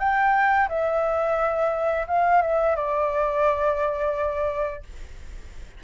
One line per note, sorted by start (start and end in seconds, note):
0.00 0.69 G5
0.69 2.07 E5
2.08 2.42 F5
2.42 2.76 E5
2.76 4.83 D5